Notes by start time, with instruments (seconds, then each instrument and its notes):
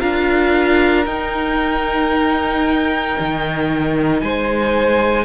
0.00 cello D4, viola F4, violin A#4 F5
1.06 cello D#4, viola D#4, violin G5
3.20 cello D#3
4.21 cello G#3, violin C5 G#5